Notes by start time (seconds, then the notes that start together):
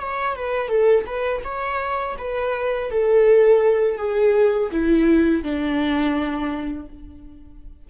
0.00 C#5
0.36 B4
0.69 A4
1.06 B4
1.44 C#5
2.18 B4
2.91 A4
3.98 G#4
4.72 E4
5.44 D4